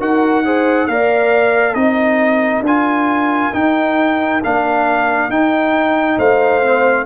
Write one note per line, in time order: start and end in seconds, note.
0.00 0.88 D#4
0.00 0.44 F#4
0.00 0.45 A#4
0.00 0.87 F#5
0.45 0.89 G#4
0.45 0.89 C5
0.87 1.75 A#3
0.87 1.75 A#4
0.87 1.78 D5
0.87 1.74 F5
1.74 2.61 C4
1.74 2.63 D#4
1.74 6.18 A#4
1.74 2.63 D#5
2.61 3.49 D4
2.61 3.54 G#5
2.67 3.53 F4
3.53 4.41 D#4
3.53 4.42 D#4
3.53 4.42 G5
4.44 5.29 A#3
4.44 5.31 D4
4.44 5.31 F5
5.29 6.17 D#4
5.29 6.62 D#4
5.29 6.19 G5
6.18 7.06 A3
6.18 7.06 C5
6.18 7.06 F5
6.62 7.06 C4